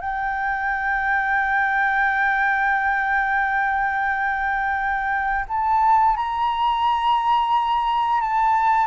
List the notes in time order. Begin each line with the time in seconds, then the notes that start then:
0.00 G5
5.48 A5
6.16 A#5
8.21 A5